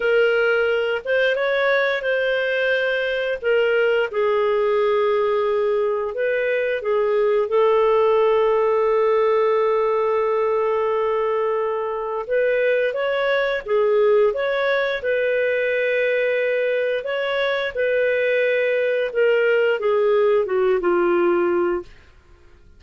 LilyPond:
\new Staff \with { instrumentName = "clarinet" } { \time 4/4 \tempo 4 = 88 ais'4. c''8 cis''4 c''4~ | c''4 ais'4 gis'2~ | gis'4 b'4 gis'4 a'4~ | a'1~ |
a'2 b'4 cis''4 | gis'4 cis''4 b'2~ | b'4 cis''4 b'2 | ais'4 gis'4 fis'8 f'4. | }